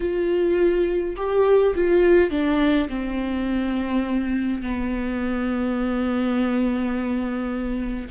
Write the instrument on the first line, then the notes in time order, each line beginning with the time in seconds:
viola
0.00 F4
1.16 G4
1.75 F4
2.30 D4
2.88 C4
4.62 B3